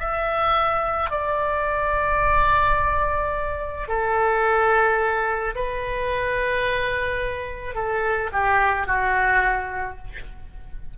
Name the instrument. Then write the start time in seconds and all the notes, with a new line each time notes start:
oboe
0.00 E5
1.11 D5
3.88 A4
5.56 B4
7.75 A4
8.33 G4
8.87 F#4